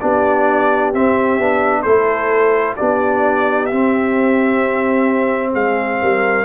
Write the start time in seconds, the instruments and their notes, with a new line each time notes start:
0.00 tuba B3, trombone D4, horn G4, trumpet D5
0.94 tuba C4, trombone C4, trumpet E5
1.38 tuba B3, trombone D4
1.82 tuba A3, trombone E4, horn A4, trumpet C5
2.76 tuba B3, trombone D4, horn G4, trumpet D5
3.66 trombone C4, trumpet E5
3.72 tuba C4
5.52 tuba G#3, horn G#4, trumpet F5
6.01 tuba G3, horn A#4